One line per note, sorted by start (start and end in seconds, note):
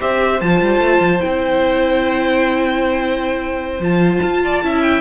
0.00 0.41 C4
0.00 0.40 G4
0.00 4.43 C5
0.00 0.41 E5
0.41 0.61 F3
0.41 1.20 F4
0.41 1.21 A5
0.61 0.79 G3
0.79 0.99 A3
1.00 1.20 F3
1.20 3.80 C4
1.20 3.81 E4
1.20 3.83 G5
3.80 4.20 F3
3.80 4.62 F4
3.80 4.82 A5
4.23 4.63 F4
4.44 4.64 D5
4.62 5.01 C#4
4.62 5.01 E4
4.62 5.01 E5
4.82 5.01 G5